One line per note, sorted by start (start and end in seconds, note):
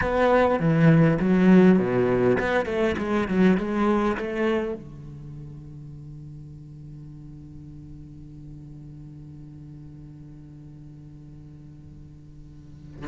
0.01 0.59 B3
0.59 1.19 E3
1.19 1.78 F#3
1.78 2.38 B2
2.39 2.65 B3
2.65 2.95 A3
2.98 3.28 G#3
3.28 3.57 F#3
3.57 4.16 G#3
4.17 4.74 A3
4.74 13.06 D3